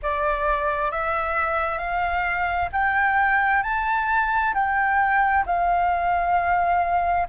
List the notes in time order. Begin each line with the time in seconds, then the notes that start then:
0.02 D5
0.91 E5
1.78 F5
2.72 G5
3.62 A5
4.54 G5
5.45 F5